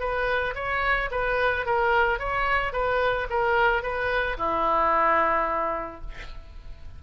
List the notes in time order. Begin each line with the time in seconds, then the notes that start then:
0.00 B4
0.55 C#5
1.11 B4
1.66 A#4
2.19 C#5
2.73 B4
3.30 A#4
3.83 B4
4.37 E4